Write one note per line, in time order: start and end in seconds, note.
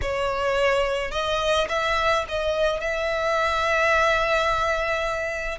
0.01 1.11 C#5
1.11 1.67 D#5
1.68 2.25 E5
2.28 2.80 D#5
2.80 5.58 E5